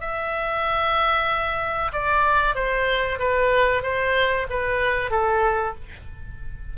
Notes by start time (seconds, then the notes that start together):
0.00 E5
1.92 D5
2.55 C5
3.19 B4
3.82 C5
4.50 B4
5.10 A4